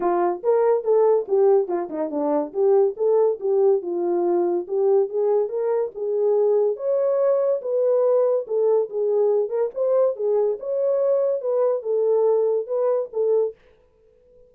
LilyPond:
\new Staff \with { instrumentName = "horn" } { \time 4/4 \tempo 4 = 142 f'4 ais'4 a'4 g'4 | f'8 dis'8 d'4 g'4 a'4 | g'4 f'2 g'4 | gis'4 ais'4 gis'2 |
cis''2 b'2 | a'4 gis'4. ais'8 c''4 | gis'4 cis''2 b'4 | a'2 b'4 a'4 | }